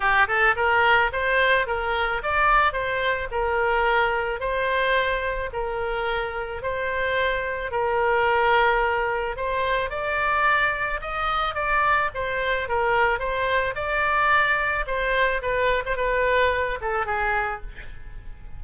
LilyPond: \new Staff \with { instrumentName = "oboe" } { \time 4/4 \tempo 4 = 109 g'8 a'8 ais'4 c''4 ais'4 | d''4 c''4 ais'2 | c''2 ais'2 | c''2 ais'2~ |
ais'4 c''4 d''2 | dis''4 d''4 c''4 ais'4 | c''4 d''2 c''4 | b'8. c''16 b'4. a'8 gis'4 | }